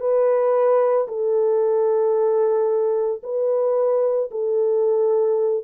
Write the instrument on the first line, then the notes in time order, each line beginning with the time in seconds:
horn
0.00 B4
1.08 A4
3.23 B4
4.31 A4